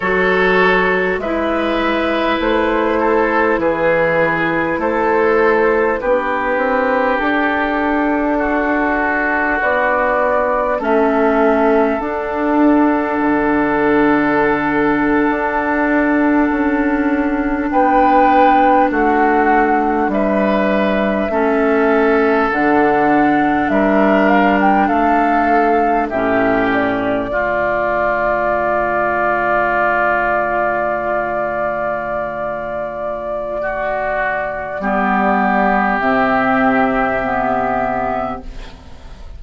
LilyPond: <<
  \new Staff \with { instrumentName = "flute" } { \time 4/4 \tempo 4 = 50 cis''4 e''4 c''4 b'4 | c''4 b'4 a'2 | d''4 e''4 fis''2~ | fis''2~ fis''8. g''4 fis''16~ |
fis''8. e''2 fis''4 e''16~ | e''16 f''16 g''16 f''4 e''8 d''4.~ d''16~ | d''1~ | d''2 e''2 | }
  \new Staff \with { instrumentName = "oboe" } { \time 4/4 a'4 b'4. a'8 gis'4 | a'4 g'2 fis'4~ | fis'4 a'2.~ | a'2~ a'8. b'4 fis'16~ |
fis'8. b'4 a'2 ais'16~ | ais'8. a'4 g'4 f'4~ f'16~ | f'1 | fis'4 g'2. | }
  \new Staff \with { instrumentName = "clarinet" } { \time 4/4 fis'4 e'2.~ | e'4 d'2.~ | d'4 cis'4 d'2~ | d'1~ |
d'4.~ d'16 cis'4 d'4~ d'16~ | d'4.~ d'16 cis'4 a4~ a16~ | a1~ | a4 b4 c'4 b4 | }
  \new Staff \with { instrumentName = "bassoon" } { \time 4/4 fis4 gis4 a4 e4 | a4 b8 c'8 d'2 | b4 a4 d'4 d4~ | d8. d'4 cis'4 b4 a16~ |
a8. g4 a4 d4 g16~ | g8. a4 a,4 d4~ d16~ | d1~ | d4 g4 c2 | }
>>